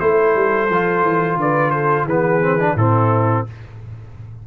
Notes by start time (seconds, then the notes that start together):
0.00 A3 E4 A4 C5
0.36 G3
0.70 F3 F4
1.03 E3
1.37 D3 B4 D5
1.71 A4 C5
2.05 E3 B3 G#4 B4
2.42 C4
2.61 D4
2.76 A2 C4 E4 A4